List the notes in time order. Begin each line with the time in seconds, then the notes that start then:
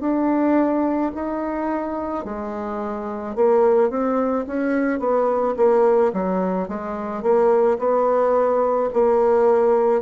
0.00 D4
1.15 D#4
2.25 G#3
3.35 A#3
3.90 C4
4.47 C#4
4.99 B3
5.57 A#3
6.13 F#3
6.68 G#3
7.22 A#3
7.78 B3
8.93 A#3